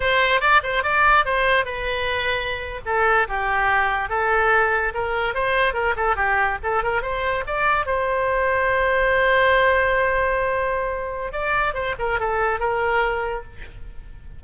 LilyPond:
\new Staff \with { instrumentName = "oboe" } { \time 4/4 \tempo 4 = 143 c''4 d''8 c''8 d''4 c''4 | b'2~ b'8. a'4 g'16~ | g'4.~ g'16 a'2 ais'16~ | ais'8. c''4 ais'8 a'8 g'4 a'16~ |
a'16 ais'8 c''4 d''4 c''4~ c''16~ | c''1~ | c''2. d''4 | c''8 ais'8 a'4 ais'2 | }